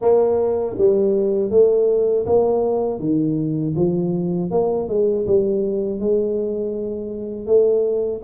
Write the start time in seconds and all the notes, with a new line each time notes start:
0.01 A#3
0.77 G3
1.50 A3
2.25 A#3
2.99 D#3
3.75 F3
4.50 A#3
4.88 G#3
5.26 G3
5.99 G#3
7.46 A3